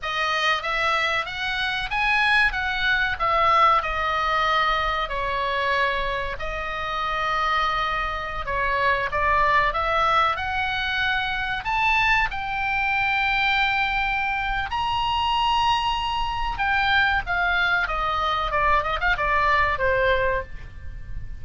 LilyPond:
\new Staff \with { instrumentName = "oboe" } { \time 4/4 \tempo 4 = 94 dis''4 e''4 fis''4 gis''4 | fis''4 e''4 dis''2 | cis''2 dis''2~ | dis''4~ dis''16 cis''4 d''4 e''8.~ |
e''16 fis''2 a''4 g''8.~ | g''2. ais''4~ | ais''2 g''4 f''4 | dis''4 d''8 dis''16 f''16 d''4 c''4 | }